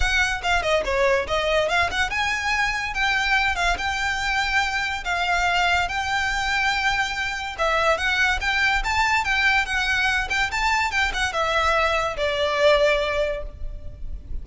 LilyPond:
\new Staff \with { instrumentName = "violin" } { \time 4/4 \tempo 4 = 143 fis''4 f''8 dis''8 cis''4 dis''4 | f''8 fis''8 gis''2 g''4~ | g''8 f''8 g''2. | f''2 g''2~ |
g''2 e''4 fis''4 | g''4 a''4 g''4 fis''4~ | fis''8 g''8 a''4 g''8 fis''8 e''4~ | e''4 d''2. | }